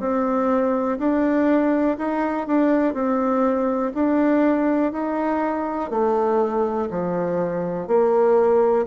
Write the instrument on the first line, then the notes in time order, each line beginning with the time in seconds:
bassoon
0.00 C4
0.99 D4
1.98 D#4
2.47 D4
2.94 C4
3.94 D4
4.92 D#4
5.90 A3
6.91 F3
7.87 A#3